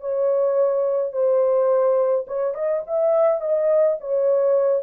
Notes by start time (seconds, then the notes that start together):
0.00 C#5
1.12 C5
2.27 C#5
2.54 D#5
2.87 E5
3.41 D#5
4.00 C#5